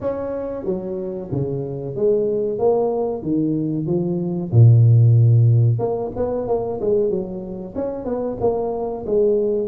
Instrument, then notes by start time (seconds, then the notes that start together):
tuba
0.00 C#4
0.65 F#3
1.31 C#3
1.95 G#3
2.58 A#3
3.22 D#3
3.86 F3
4.51 A#2
5.78 A#3
6.16 B3
6.47 A#3
6.80 G#3
7.10 F#3
7.75 C#4
8.04 B3
8.40 A#3
9.06 G#3